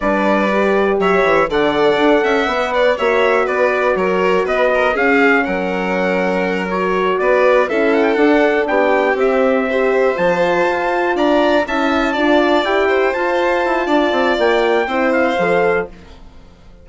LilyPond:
<<
  \new Staff \with { instrumentName = "trumpet" } { \time 4/4 \tempo 4 = 121 d''2 e''4 fis''4~ | fis''2 e''4 d''4 | cis''4 dis''4 f''4 fis''4~ | fis''4. cis''4 d''4 e''8 |
fis''16 g''16 fis''4 g''4 e''4.~ | e''8 a''2 ais''4 a''8~ | a''4. g''4 a''4.~ | a''4 g''4. f''4. | }
  \new Staff \with { instrumentName = "violin" } { \time 4/4 b'2 cis''4 d''4~ | d''8 e''4 d''8 cis''4 b'4 | ais'4 b'8 ais'8 gis'4 ais'4~ | ais'2~ ais'8 b'4 a'8~ |
a'4. g'2 c''8~ | c''2~ c''8 d''4 e''8~ | e''8 d''4. c''2 | d''2 c''2 | }
  \new Staff \with { instrumentName = "horn" } { \time 4/4 d'4 g'2 a'4~ | a'4 b'4 fis'2~ | fis'2 cis'2~ | cis'4. fis'2 e'8~ |
e'8 d'2 c'4 g'8~ | g'8 f'2. e'8~ | e'8 f'4 g'4 f'4.~ | f'2 e'4 a'4 | }
  \new Staff \with { instrumentName = "bassoon" } { \time 4/4 g2 fis8 e8 d4 | d'8 cis'8 b4 ais4 b4 | fis4 b4 cis'4 fis4~ | fis2~ fis8 b4 cis'8~ |
cis'8 d'4 b4 c'4.~ | c'8 f4 f'4 d'4 cis'8~ | cis'8 d'4 e'4 f'4 e'8 | d'8 c'8 ais4 c'4 f4 | }
>>